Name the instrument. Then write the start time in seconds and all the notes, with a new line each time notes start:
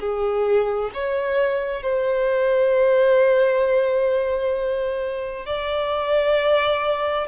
violin
0.00 G#4
0.94 C#5
1.82 C5
5.46 D5